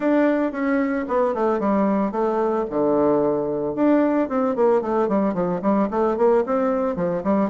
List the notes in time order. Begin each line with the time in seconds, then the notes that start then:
0.00 D4
0.52 C#4
1.08 B3
1.34 A3
1.59 G3
2.11 A3
2.70 D3
3.75 D4
4.29 C4
4.55 A#3
4.81 A3
5.08 G3
5.34 F3
5.62 G3
5.90 A3
6.17 A#3
6.46 C4
6.95 F3
7.23 G3